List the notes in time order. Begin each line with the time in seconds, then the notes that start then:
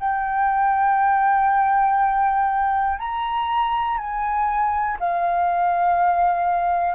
0.00 G5
3.00 A#5
3.98 G#5
5.00 F5